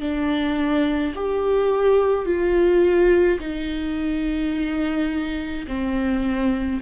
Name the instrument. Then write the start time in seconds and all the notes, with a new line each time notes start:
viola
0.00 D4
1.15 G4
2.25 F4
3.40 D#4
5.67 C4